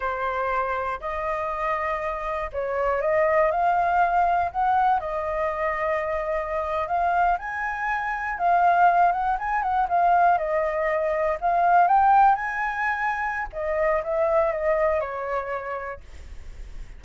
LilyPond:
\new Staff \with { instrumentName = "flute" } { \time 4/4 \tempo 4 = 120 c''2 dis''2~ | dis''4 cis''4 dis''4 f''4~ | f''4 fis''4 dis''2~ | dis''4.~ dis''16 f''4 gis''4~ gis''16~ |
gis''8. f''4. fis''8 gis''8 fis''8 f''16~ | f''8. dis''2 f''4 g''16~ | g''8. gis''2~ gis''16 dis''4 | e''4 dis''4 cis''2 | }